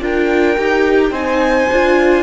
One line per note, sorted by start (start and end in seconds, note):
0.00 0.57 D4
0.00 0.56 F4
0.00 1.11 A#4
0.00 1.14 G5
0.57 1.10 D#4
0.57 1.13 G4
1.10 1.66 C4
1.10 1.69 D#4
1.10 2.22 C5
1.10 2.22 G#5
1.71 2.22 D4
1.71 2.22 F4